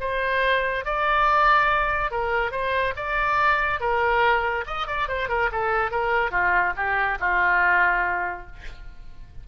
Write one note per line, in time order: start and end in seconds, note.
0.00 0.85 C5
0.85 2.10 D5
2.10 2.51 A#4
2.51 2.93 C5
2.96 3.80 D5
3.80 4.64 A#4
4.66 4.86 D#5
4.86 5.08 D5
5.08 5.28 C5
5.28 5.49 A#4
5.51 5.91 A4
5.91 6.31 A#4
6.31 6.73 F4
6.76 7.18 G4
7.19 8.46 F4